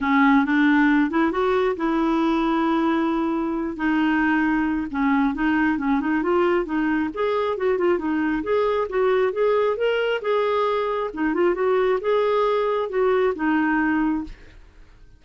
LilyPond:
\new Staff \with { instrumentName = "clarinet" } { \time 4/4 \tempo 4 = 135 cis'4 d'4. e'8 fis'4 | e'1~ | e'8 dis'2~ dis'8 cis'4 | dis'4 cis'8 dis'8 f'4 dis'4 |
gis'4 fis'8 f'8 dis'4 gis'4 | fis'4 gis'4 ais'4 gis'4~ | gis'4 dis'8 f'8 fis'4 gis'4~ | gis'4 fis'4 dis'2 | }